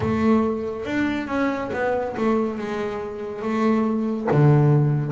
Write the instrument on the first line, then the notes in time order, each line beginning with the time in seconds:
double bass
0.00 A3
0.85 D4
1.27 C#4
1.73 B3
2.17 A3
2.58 G#3
3.41 A3
4.31 D3